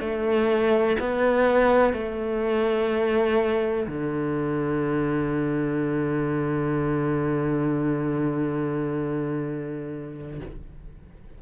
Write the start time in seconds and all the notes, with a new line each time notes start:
0.00 A3
1.00 B3
1.94 A3
3.88 D3